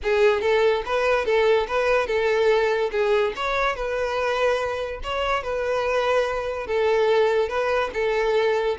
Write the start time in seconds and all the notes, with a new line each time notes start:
0.03 G#4
0.41 A4
0.85 B4
1.25 A4
1.67 B4
2.06 A4
2.91 G#4
3.36 C#5
3.75 B4
5.03 C#5
5.43 B4
6.66 A4
7.48 B4
7.93 A4